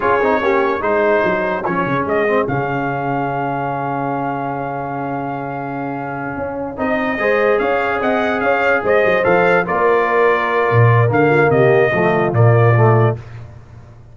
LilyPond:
<<
  \new Staff \with { instrumentName = "trumpet" } { \time 4/4 \tempo 4 = 146 cis''2 c''2 | cis''4 dis''4 f''2~ | f''1~ | f''1~ |
f''8 dis''2 f''4 fis''8~ | fis''8 f''4 dis''4 f''4 d''8~ | d''2. f''4 | dis''2 d''2 | }
  \new Staff \with { instrumentName = "horn" } { \time 4/4 gis'4 g'4 gis'2~ | gis'1~ | gis'1~ | gis'1~ |
gis'4. c''4 cis''4 dis''8~ | dis''8 cis''4 c''2 ais'8~ | ais'2.~ ais'8 f'8 | g'4 f'2. | }
  \new Staff \with { instrumentName = "trombone" } { \time 4/4 f'8 dis'8 cis'4 dis'2 | cis'4. c'8 cis'2~ | cis'1~ | cis'1~ |
cis'8 dis'4 gis'2~ gis'8~ | gis'2~ gis'8 a'4 f'8~ | f'2. ais4~ | ais4 a4 ais4 a4 | }
  \new Staff \with { instrumentName = "tuba" } { \time 4/4 cis'8 c'8 ais4 gis4 fis4 | f8 cis8 gis4 cis2~ | cis1~ | cis2.~ cis8 cis'8~ |
cis'8 c'4 gis4 cis'4 c'8~ | c'8 cis'4 gis8 fis8 f4 ais8~ | ais2 ais,4 d4 | c4 f4 ais,2 | }
>>